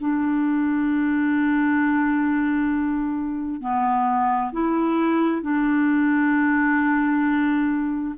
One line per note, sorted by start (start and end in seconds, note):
0.00 3.60 D4
3.60 4.51 B3
4.52 5.42 E4
5.42 8.14 D4